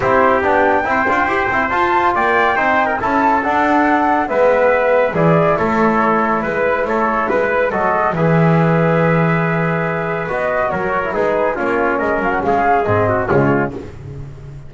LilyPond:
<<
  \new Staff \with { instrumentName = "flute" } { \time 4/4 \tempo 4 = 140 c''4 g''2. | a''4 g''2 a''4 | fis''2 e''2 | d''4 cis''2 b'4 |
cis''4 b'4 dis''4 e''4~ | e''1 | dis''4 cis''4 b'4 cis''4 | dis''8 f''16 fis''16 f''4 dis''4 cis''4 | }
  \new Staff \with { instrumentName = "trumpet" } { \time 4/4 g'2 c''2~ | c''4 d''4 c''8. ais'16 a'4~ | a'2 b'2 | gis'4 a'2 b'4 |
a'4 b'4 a'4 b'4~ | b'1~ | b'4 ais'4 gis'4 f'4 | ais'4 gis'4. fis'8 f'4 | }
  \new Staff \with { instrumentName = "trombone" } { \time 4/4 e'4 d'4 e'8 f'8 g'8 e'8 | f'2 dis'4 e'4 | d'2 b2 | e'1~ |
e'2 fis'4 gis'4~ | gis'1 | fis'4.~ fis'16 e'16 dis'4 cis'4~ | cis'2 c'4 gis4 | }
  \new Staff \with { instrumentName = "double bass" } { \time 4/4 c'4 b4 c'8 d'8 e'8 c'8 | f'4 ais4 c'4 cis'4 | d'2 gis2 | e4 a2 gis4 |
a4 gis4 fis4 e4~ | e1 | b4 fis4 gis4 ais4 | gis8 fis8 gis4 gis,4 cis4 | }
>>